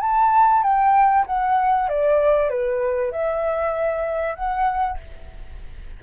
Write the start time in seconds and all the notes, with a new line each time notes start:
0.00 A5
0.63 G5
1.26 F#5
1.89 D5
2.49 B4
3.11 E5
4.35 F#5